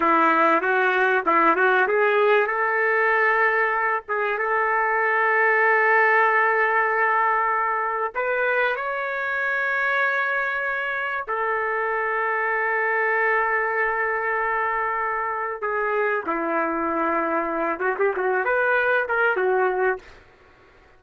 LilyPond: \new Staff \with { instrumentName = "trumpet" } { \time 4/4 \tempo 4 = 96 e'4 fis'4 e'8 fis'8 gis'4 | a'2~ a'8 gis'8 a'4~ | a'1~ | a'4 b'4 cis''2~ |
cis''2 a'2~ | a'1~ | a'4 gis'4 e'2~ | e'8 fis'16 g'16 fis'8 b'4 ais'8 fis'4 | }